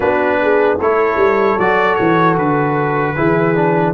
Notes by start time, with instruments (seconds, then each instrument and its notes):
0.00 tuba B3, trombone D4, horn F#4, trumpet B4
0.42 horn G#4
0.79 tuba A3, trombone E4, horn A4, trumpet C#5
1.16 tuba G3
1.58 tuba F#3, trombone F#4, trumpet D5
1.95 tuba E3, trumpet C#5
2.37 tuba D3, trumpet B4
3.16 tuba E3, trombone E4, horn G#4
3.55 trombone D4